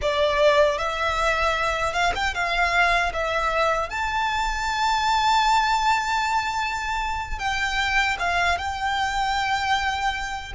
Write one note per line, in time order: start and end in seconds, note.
0.01 0.78 D5
0.78 1.93 E5
1.93 2.12 F5
2.15 2.34 G5
2.34 3.12 F5
3.13 3.89 E5
3.89 7.38 A5
7.38 8.16 G5
8.19 8.58 F5
8.58 10.53 G5